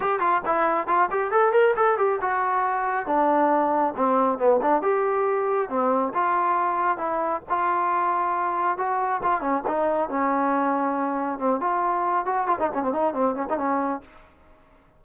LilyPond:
\new Staff \with { instrumentName = "trombone" } { \time 4/4 \tempo 4 = 137 g'8 f'8 e'4 f'8 g'8 a'8 ais'8 | a'8 g'8 fis'2 d'4~ | d'4 c'4 b8 d'8 g'4~ | g'4 c'4 f'2 |
e'4 f'2. | fis'4 f'8 cis'8 dis'4 cis'4~ | cis'2 c'8 f'4. | fis'8 f'16 dis'16 cis'16 c'16 dis'8 c'8 cis'16 dis'16 cis'4 | }